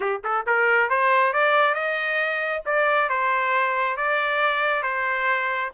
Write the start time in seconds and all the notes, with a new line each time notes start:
0.00 G4
0.23 A4
0.46 A#4
0.89 C5
1.33 D5
1.74 D#5
2.65 D5
3.09 C5
3.96 D5
4.82 C5